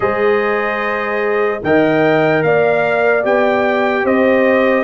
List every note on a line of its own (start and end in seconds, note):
0.00 1.61 G#3
0.00 1.60 G#4
0.00 1.63 C5
0.00 1.62 D#5
1.62 2.43 D#3
1.62 3.23 A#4
1.62 2.45 D#5
1.62 2.42 G5
2.42 3.24 A#3
2.42 4.03 D5
2.42 3.23 F5
3.23 4.04 B3
3.23 4.83 G4
3.23 4.06 G5
4.03 4.83 C4
4.03 4.83 C5
4.03 4.83 D#5